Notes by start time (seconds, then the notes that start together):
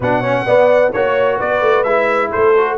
0.00 B2 D4 B4 F#5
0.20 C#4 C#5
0.45 B3 D5
0.92 A#3 F#4 C#5
1.36 B3 B4 D5
1.60 A3
1.83 G#3 E4 E5
2.30 A3 A4 C5
2.57 F#4